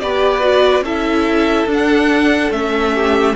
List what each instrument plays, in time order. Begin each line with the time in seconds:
0.00 cello B3, viola G4, violin B4 D5
0.41 viola F#4
0.82 cello C#4, viola E4, violin A4 E5
1.66 cello D4, viola D4
1.74 violin F#5
2.51 cello A3, viola C#4, violin E5
2.95 violin G4